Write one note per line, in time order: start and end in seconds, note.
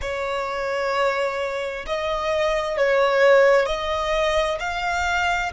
0.01 1.85 C#5
1.86 2.77 D#5
2.77 3.66 C#5
3.66 4.58 D#5
4.59 5.51 F5